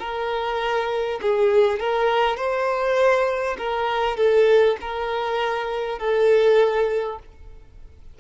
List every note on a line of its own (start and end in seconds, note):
0.00 1.20 A#4
1.22 1.80 G#4
1.80 2.37 A#4
2.37 3.57 C5
3.58 4.17 A#4
4.17 4.77 A4
4.82 5.99 A#4
5.99 7.19 A4